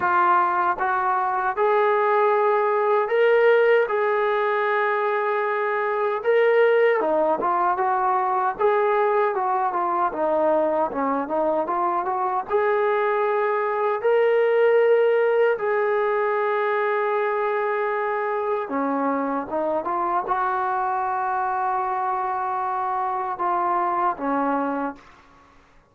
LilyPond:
\new Staff \with { instrumentName = "trombone" } { \time 4/4 \tempo 4 = 77 f'4 fis'4 gis'2 | ais'4 gis'2. | ais'4 dis'8 f'8 fis'4 gis'4 | fis'8 f'8 dis'4 cis'8 dis'8 f'8 fis'8 |
gis'2 ais'2 | gis'1 | cis'4 dis'8 f'8 fis'2~ | fis'2 f'4 cis'4 | }